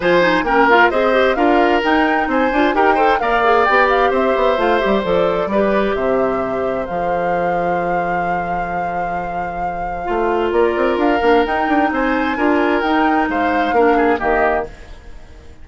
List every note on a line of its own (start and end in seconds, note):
0.00 0.43 F3
0.00 0.21 F4
0.00 0.44 C5
0.00 0.45 G#5
0.21 0.44 D#4
0.43 0.88 A#3
0.43 0.70 C#4
0.43 0.90 A#4
0.43 0.67 G5
0.70 0.92 F4
0.70 0.90 F5
0.90 1.35 C4
0.90 1.13 G#4
0.90 1.36 C5
0.90 1.35 D#5
1.13 1.36 G4
1.35 1.81 D4
1.35 1.82 F4
1.35 2.28 A#4
1.35 1.81 F5
1.82 2.51 D#4
1.82 2.27 D#4
1.82 2.29 G5
2.27 2.50 C4
2.27 2.75 C5
2.27 2.75 G#5
2.52 2.73 D4
2.52 2.74 F4
2.73 3.19 D#4
2.73 2.96 G4
2.73 2.94 A#4
2.73 3.19 G5
2.94 3.19 A4
2.94 3.17 C5
3.19 3.67 A#3
3.19 3.42 A#4
3.19 4.10 D5
3.19 3.64 F5
3.43 3.66 G#4
3.64 4.10 B3
3.64 4.57 G4
3.64 3.87 G5
3.89 4.12 F5
4.10 4.33 C4
4.10 5.47 C5
4.10 4.60 E5
4.36 4.57 B3
4.57 4.80 A3
4.57 4.80 F4
4.57 4.78 F5
4.78 5.03 G4
4.78 5.01 E5
4.85 5.04 G3
5.04 5.46 F3
5.04 5.50 A4
5.04 5.94 D5
5.46 5.92 G3
5.46 5.95 B4
5.54 6.85 G4
5.94 6.86 C3
5.94 10.52 C5
5.94 6.86 E5
6.85 10.08 F3
6.85 10.04 A4
6.85 10.52 F5
10.04 10.51 A3
10.04 11.19 F4
10.51 10.74 A#3
10.51 11.89 A#4
10.51 10.98 D5
10.76 10.96 C4
10.96 11.19 D4
10.96 11.45 F5
11.21 11.44 A#3
11.21 11.45 D4
11.45 12.37 D#4
11.45 11.68 D#4
11.45 11.91 G5
11.68 11.90 D4
11.91 12.36 C4
11.91 12.37 C5
11.91 12.81 G#5
12.36 12.82 D4
12.36 12.83 F4
12.36 13.28 A#4
12.81 13.28 D#4
12.81 13.75 D#4
12.81 13.27 G5
13.28 13.72 G#3
13.28 13.74 C5
13.28 14.20 F5
13.72 14.17 A#3
13.72 14.18 D4
13.72 13.97 A#4
13.97 14.19 G#4
14.18 14.67 D#3
14.18 14.64 A#3
14.18 14.64 G4
14.18 14.65 D#5